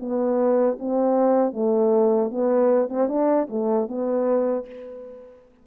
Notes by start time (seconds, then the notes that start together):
0.00 B3
0.79 C4
1.53 A3
2.31 B3
2.89 C4
3.09 D4
3.49 A3
3.88 B3